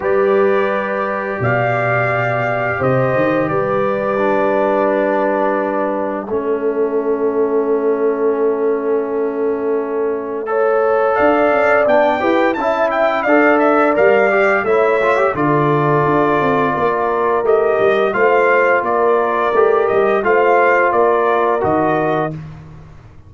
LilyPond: <<
  \new Staff \with { instrumentName = "trumpet" } { \time 4/4 \tempo 4 = 86 d''2 f''2 | dis''4 d''2.~ | d''8 e''2.~ e''8~ | e''1 |
f''4 g''4 a''8 g''8 f''8 e''8 | f''4 e''4 d''2~ | d''4 dis''4 f''4 d''4~ | d''8 dis''8 f''4 d''4 dis''4 | }
  \new Staff \with { instrumentName = "horn" } { \time 4/4 b'2 d''2 | c''4 b'2.~ | b'4 a'2.~ | a'2. cis''4 |
d''4. b'8 e''4 d''4~ | d''4 cis''4 a'2 | ais'2 c''4 ais'4~ | ais'4 c''4 ais'2 | }
  \new Staff \with { instrumentName = "trombone" } { \time 4/4 g'1~ | g'2 d'2~ | d'4 cis'2.~ | cis'2. a'4~ |
a'4 d'8 g'8 e'4 a'4 | ais'8 g'8 e'8 f'16 g'16 f'2~ | f'4 g'4 f'2 | g'4 f'2 fis'4 | }
  \new Staff \with { instrumentName = "tuba" } { \time 4/4 g2 b,2 | c8 dis8 g2.~ | g4 a2.~ | a1 |
d'8 cis'8 b8 e'8 cis'4 d'4 | g4 a4 d4 d'8 c'8 | ais4 a8 g8 a4 ais4 | a8 g8 a4 ais4 dis4 | }
>>